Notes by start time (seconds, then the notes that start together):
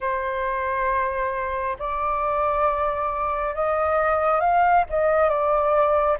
0.00 C5
1.78 D5
3.55 D#5
4.40 F5
4.89 D#5
5.29 D5